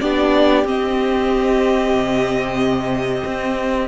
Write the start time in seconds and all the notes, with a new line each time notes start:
0.00 B3 D4 G4 D5
0.64 C4 D#5
1.93 C3
3.25 C4